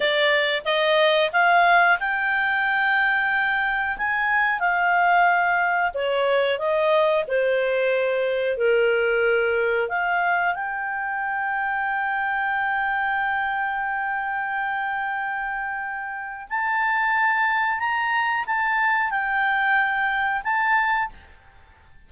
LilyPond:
\new Staff \with { instrumentName = "clarinet" } { \time 4/4 \tempo 4 = 91 d''4 dis''4 f''4 g''4~ | g''2 gis''4 f''4~ | f''4 cis''4 dis''4 c''4~ | c''4 ais'2 f''4 |
g''1~ | g''1~ | g''4 a''2 ais''4 | a''4 g''2 a''4 | }